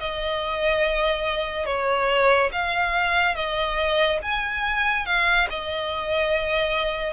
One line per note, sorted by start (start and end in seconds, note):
0.00 1.66 D#5
1.66 2.50 C#5
2.52 3.35 F5
3.35 4.19 D#5
4.22 5.06 G#5
5.06 5.48 F5
5.50 7.13 D#5